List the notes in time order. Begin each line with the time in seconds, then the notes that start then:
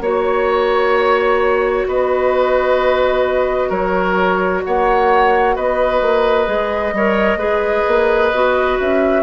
0.00 A#3 F#4 C#5
1.86 B3 B4 D#5
3.69 F#3 A#4 C#5
4.64 A#3 C#5 F#5
5.55 B3 B4 D#5
6.01 A#3
6.45 G#3 G#4
6.92 G3 A#4 C#5
7.35 G#3 G#4 B4
7.87 A#3
8.32 B3 F#4
8.79 C#4 E5